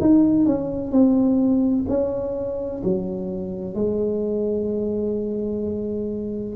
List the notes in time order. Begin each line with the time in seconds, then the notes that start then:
0.00 D#4
0.45 C#4
0.91 C4
1.88 C#4
2.83 F#3
3.75 G#3